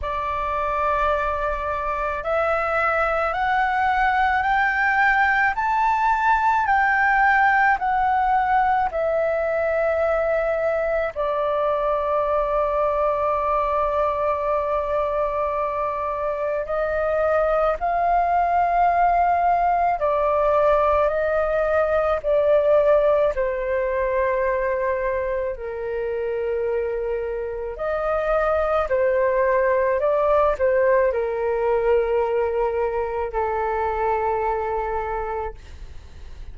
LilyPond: \new Staff \with { instrumentName = "flute" } { \time 4/4 \tempo 4 = 54 d''2 e''4 fis''4 | g''4 a''4 g''4 fis''4 | e''2 d''2~ | d''2. dis''4 |
f''2 d''4 dis''4 | d''4 c''2 ais'4~ | ais'4 dis''4 c''4 d''8 c''8 | ais'2 a'2 | }